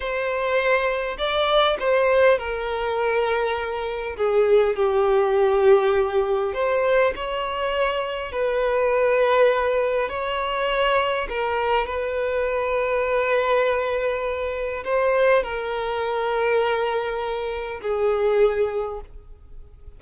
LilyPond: \new Staff \with { instrumentName = "violin" } { \time 4/4 \tempo 4 = 101 c''2 d''4 c''4 | ais'2. gis'4 | g'2. c''4 | cis''2 b'2~ |
b'4 cis''2 ais'4 | b'1~ | b'4 c''4 ais'2~ | ais'2 gis'2 | }